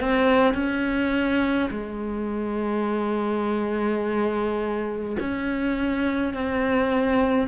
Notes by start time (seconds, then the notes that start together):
0.00 C4
0.54 C#4
1.70 G#3
5.20 C#4
6.34 C4